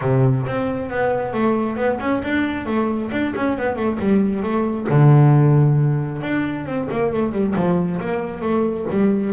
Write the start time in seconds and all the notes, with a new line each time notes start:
0.01 C3
0.46 C4
0.89 B3
1.33 A3
1.76 B3
2.00 C#4
2.23 D4
2.66 A3
3.11 D4
3.35 C#4
3.57 B3
3.76 A3
3.99 G3
4.42 A3
4.89 D3
6.22 D4
6.65 C4
6.91 A#3
7.13 A3
7.32 G3
7.55 F3
8.00 A#3
8.41 A3
8.90 G3